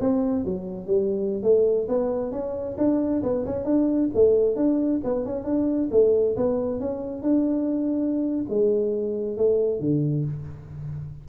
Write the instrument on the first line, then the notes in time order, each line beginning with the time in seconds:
tuba
0.00 C4
0.45 F#3
0.87 G3
1.43 A3
1.88 B3
2.32 C#4
2.78 D4
3.23 B3
3.45 C#4
3.65 D4
4.14 A3
4.56 D4
5.04 B3
5.25 C#4
5.45 D4
5.91 A3
6.36 B3
6.80 C#4
7.23 D4
8.49 G#3
9.37 A3
9.80 D3